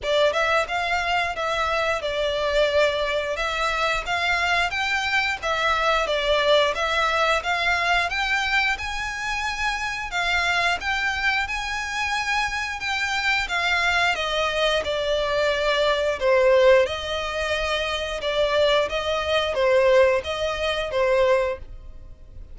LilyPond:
\new Staff \with { instrumentName = "violin" } { \time 4/4 \tempo 4 = 89 d''8 e''8 f''4 e''4 d''4~ | d''4 e''4 f''4 g''4 | e''4 d''4 e''4 f''4 | g''4 gis''2 f''4 |
g''4 gis''2 g''4 | f''4 dis''4 d''2 | c''4 dis''2 d''4 | dis''4 c''4 dis''4 c''4 | }